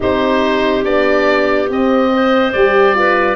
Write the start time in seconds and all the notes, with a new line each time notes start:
0.00 C4 D#4 G4 C5
0.83 B3 D4 D5
1.69 C4 D#5
2.13 C5
2.52 G3 G4 D5
2.94 F4 B4